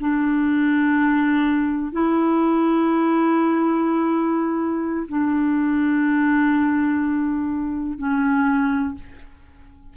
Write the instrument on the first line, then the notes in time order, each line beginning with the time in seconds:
clarinet
0.00 D4
1.92 E4
5.08 D4
7.98 C#4